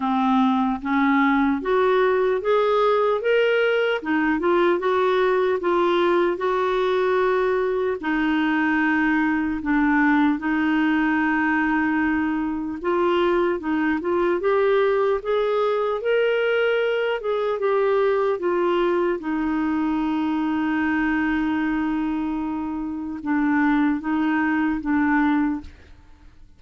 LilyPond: \new Staff \with { instrumentName = "clarinet" } { \time 4/4 \tempo 4 = 75 c'4 cis'4 fis'4 gis'4 | ais'4 dis'8 f'8 fis'4 f'4 | fis'2 dis'2 | d'4 dis'2. |
f'4 dis'8 f'8 g'4 gis'4 | ais'4. gis'8 g'4 f'4 | dis'1~ | dis'4 d'4 dis'4 d'4 | }